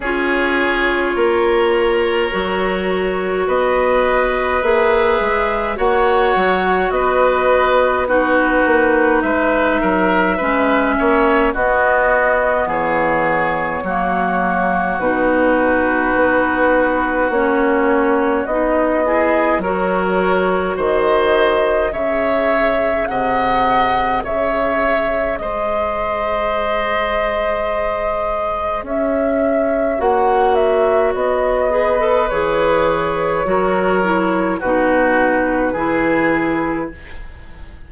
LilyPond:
<<
  \new Staff \with { instrumentName = "flute" } { \time 4/4 \tempo 4 = 52 cis''2. dis''4 | e''4 fis''4 dis''4 b'4 | e''2 dis''4 cis''4~ | cis''4 b'2 cis''4 |
dis''4 cis''4 dis''4 e''4 | fis''4 e''4 dis''2~ | dis''4 e''4 fis''8 e''8 dis''4 | cis''2 b'2 | }
  \new Staff \with { instrumentName = "oboe" } { \time 4/4 gis'4 ais'2 b'4~ | b'4 cis''4 b'4 fis'4 | b'8 ais'8 b'8 cis''8 fis'4 gis'4 | fis'1~ |
fis'8 gis'8 ais'4 c''4 cis''4 | dis''4 cis''4 c''2~ | c''4 cis''2~ cis''8 b'8~ | b'4 ais'4 fis'4 gis'4 | }
  \new Staff \with { instrumentName = "clarinet" } { \time 4/4 f'2 fis'2 | gis'4 fis'2 dis'4~ | dis'4 cis'4 b2 | ais4 dis'2 cis'4 |
dis'8 e'8 fis'2 gis'4~ | gis'1~ | gis'2 fis'4. gis'16 a'16 | gis'4 fis'8 e'8 dis'4 e'4 | }
  \new Staff \with { instrumentName = "bassoon" } { \time 4/4 cis'4 ais4 fis4 b4 | ais8 gis8 ais8 fis8 b4. ais8 | gis8 fis8 gis8 ais8 b4 e4 | fis4 b,4 b4 ais4 |
b4 fis4 dis4 cis4 | c4 cis4 gis2~ | gis4 cis'4 ais4 b4 | e4 fis4 b,4 e4 | }
>>